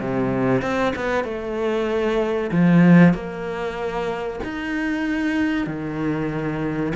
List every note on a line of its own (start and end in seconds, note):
0.00 0.61 C3
0.61 0.93 C4
0.95 1.24 B3
1.24 2.50 A3
2.51 3.13 F3
3.13 4.40 A#3
4.44 5.66 D#4
5.66 6.92 D#3